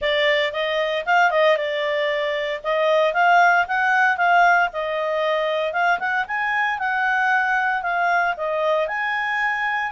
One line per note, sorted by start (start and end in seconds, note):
0.01 0.52 D5
0.52 1.04 D#5
1.05 1.30 F5
1.30 1.57 D#5
1.57 2.61 D5
2.63 3.13 D#5
3.13 3.65 F5
3.67 4.17 F#5
4.17 4.69 F5
4.72 5.72 D#5
5.72 5.99 F5
5.99 6.25 F#5
6.28 6.78 G#5
6.78 7.82 F#5
7.82 8.34 F5
8.36 8.87 D#5
8.87 9.91 G#5